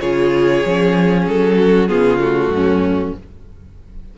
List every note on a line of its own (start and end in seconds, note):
0.00 0.64 C#3
0.00 0.65 F4
0.00 1.58 G#4
0.00 1.25 C#5
0.66 1.29 F3
0.66 1.89 C#4
1.28 1.92 F#3
1.28 1.89 A4
1.59 1.89 F#4
1.89 2.49 C#3
1.89 2.20 B3
1.89 2.52 F4
1.89 2.20 G#4
2.20 3.13 A3
2.20 3.15 F#4
2.49 3.12 F#2
2.56 3.18 C#4